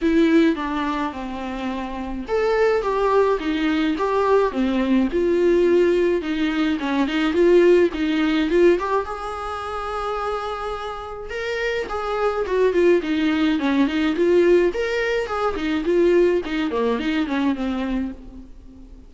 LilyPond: \new Staff \with { instrumentName = "viola" } { \time 4/4 \tempo 4 = 106 e'4 d'4 c'2 | a'4 g'4 dis'4 g'4 | c'4 f'2 dis'4 | cis'8 dis'8 f'4 dis'4 f'8 g'8 |
gis'1 | ais'4 gis'4 fis'8 f'8 dis'4 | cis'8 dis'8 f'4 ais'4 gis'8 dis'8 | f'4 dis'8 ais8 dis'8 cis'8 c'4 | }